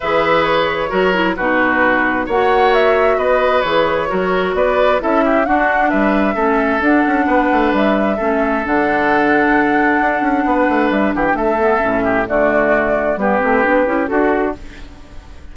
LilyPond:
<<
  \new Staff \with { instrumentName = "flute" } { \time 4/4 \tempo 4 = 132 e''4 cis''2 b'4~ | b'4 fis''4 e''4 dis''4 | cis''2 d''4 e''4 | fis''4 e''2 fis''4~ |
fis''4 e''2 fis''4~ | fis''1 | e''8 fis''16 g''16 e''2 d''4~ | d''4 b'2 a'4 | }
  \new Staff \with { instrumentName = "oboe" } { \time 4/4 b'2 ais'4 fis'4~ | fis'4 cis''2 b'4~ | b'4 ais'4 b'4 a'8 g'8 | fis'4 b'4 a'2 |
b'2 a'2~ | a'2. b'4~ | b'8 g'8 a'4. g'8 fis'4~ | fis'4 g'2 fis'4 | }
  \new Staff \with { instrumentName = "clarinet" } { \time 4/4 gis'2 fis'8 e'8 dis'4~ | dis'4 fis'2. | gis'4 fis'2 e'4 | d'2 cis'4 d'4~ |
d'2 cis'4 d'4~ | d'1~ | d'4. b8 cis'4 a4~ | a4 b8 c'8 d'8 e'8 fis'4 | }
  \new Staff \with { instrumentName = "bassoon" } { \time 4/4 e2 fis4 b,4~ | b,4 ais2 b4 | e4 fis4 b4 cis'4 | d'4 g4 a4 d'8 cis'8 |
b8 a8 g4 a4 d4~ | d2 d'8 cis'8 b8 a8 | g8 e8 a4 a,4 d4~ | d4 g8 a8 b8 cis'8 d'4 | }
>>